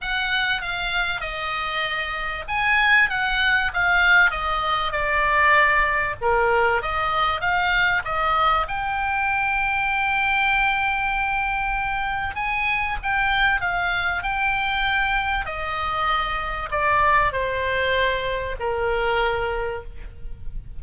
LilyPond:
\new Staff \with { instrumentName = "oboe" } { \time 4/4 \tempo 4 = 97 fis''4 f''4 dis''2 | gis''4 fis''4 f''4 dis''4 | d''2 ais'4 dis''4 | f''4 dis''4 g''2~ |
g''1 | gis''4 g''4 f''4 g''4~ | g''4 dis''2 d''4 | c''2 ais'2 | }